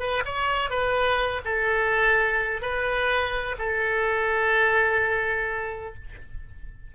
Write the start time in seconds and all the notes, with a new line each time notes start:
0.00 B4
0.25 C#5
0.70 B4
1.45 A4
2.62 B4
3.59 A4